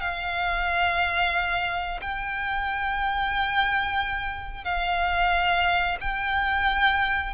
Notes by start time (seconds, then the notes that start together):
0.00 F5
2.02 G5
4.64 F5
6.01 G5